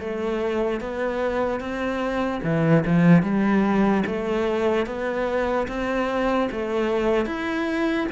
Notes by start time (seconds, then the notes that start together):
0.00 A3
0.81 B3
1.60 C4
2.44 E3
2.86 F3
3.23 G3
4.07 A3
4.86 B3
5.68 C4
6.52 A3
7.26 E4